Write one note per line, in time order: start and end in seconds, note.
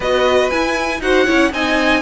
0.00 0.51 B3
0.00 0.51 F#4
0.00 1.00 B4
0.00 0.50 D#5
0.50 1.01 E4
0.50 1.00 E4
0.50 1.01 G#5
1.00 1.25 D#4
1.00 1.26 F#4
1.00 1.25 C5
1.00 1.52 F#5
1.25 1.52 C#4
1.25 1.51 E4
1.25 1.51 C#5
1.52 2.01 C4
1.52 2.01 D#4
1.52 2.01 D#5
1.52 2.01 G#5